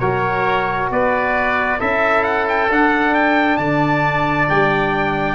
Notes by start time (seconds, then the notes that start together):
0.00 F#3 F#4 A#4 C#5
0.91 B3 B4 D5
1.79 C#4 E4 A4 E5
2.24 F#5
2.49 G5
2.70 D4 F#5
3.15 G5
3.58 D3 D5 A5
4.49 G3 G5